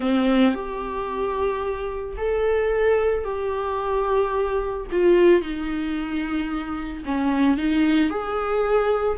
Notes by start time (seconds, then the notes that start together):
0.00 C4
0.54 G4
2.17 A4
3.24 G4
4.91 F4
5.41 D#4
7.05 C#4
7.57 D#4
8.10 G#4